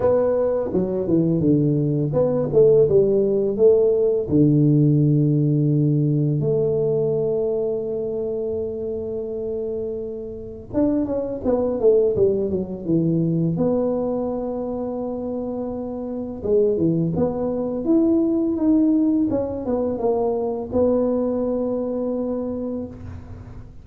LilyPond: \new Staff \with { instrumentName = "tuba" } { \time 4/4 \tempo 4 = 84 b4 fis8 e8 d4 b8 a8 | g4 a4 d2~ | d4 a2.~ | a2. d'8 cis'8 |
b8 a8 g8 fis8 e4 b4~ | b2. gis8 e8 | b4 e'4 dis'4 cis'8 b8 | ais4 b2. | }